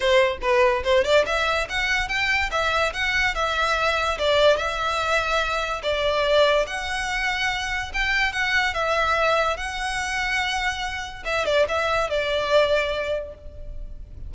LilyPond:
\new Staff \with { instrumentName = "violin" } { \time 4/4 \tempo 4 = 144 c''4 b'4 c''8 d''8 e''4 | fis''4 g''4 e''4 fis''4 | e''2 d''4 e''4~ | e''2 d''2 |
fis''2. g''4 | fis''4 e''2 fis''4~ | fis''2. e''8 d''8 | e''4 d''2. | }